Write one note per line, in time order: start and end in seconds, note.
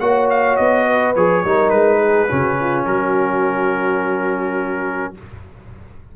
0.00 0.57 A#3
0.00 1.15 F#4
0.00 0.86 C#5
0.00 0.29 F#5
0.30 0.57 F5
0.57 1.15 B3
0.57 1.14 D#5
0.86 1.44 B4
1.15 1.44 F3
1.15 1.45 G#4
1.15 1.70 C#5
1.44 1.71 G3
1.44 2.29 D#4
1.44 1.99 A#4
1.70 2.28 G#3
1.70 2.84 B4
1.99 2.28 G#4
2.29 2.86 C#3
2.29 5.14 C#4
2.29 2.57 F#4
2.60 2.87 F4
2.85 5.14 F#3
2.85 5.16 F#4
2.85 5.14 A#4